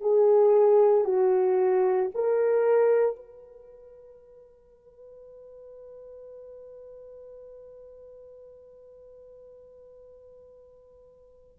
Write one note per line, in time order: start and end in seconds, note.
0.00 1.04 G#4
1.04 2.10 F#4
2.14 3.15 A#4
3.15 11.57 B4